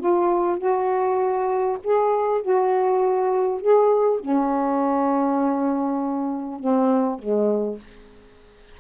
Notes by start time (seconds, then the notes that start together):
0.00 F4
0.58 F#4
1.84 G#4
2.42 F#4
3.61 G#4
4.21 C#4
6.60 C4
7.19 G#3